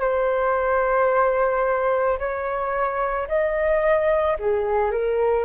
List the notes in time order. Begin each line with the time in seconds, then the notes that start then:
0.00 C5
2.18 C#5
3.28 D#5
4.39 G#4
4.91 A#4